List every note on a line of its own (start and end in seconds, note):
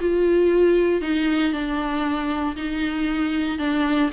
0.00 1.01 F4
1.01 1.52 D#4
1.52 2.56 D4
2.56 3.59 D#4
3.59 4.10 D4